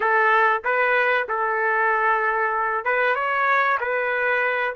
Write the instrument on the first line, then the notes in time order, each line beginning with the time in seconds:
trumpet
0.00 A4
0.64 B4
1.28 A4
2.84 B4
3.15 C#5
3.80 B4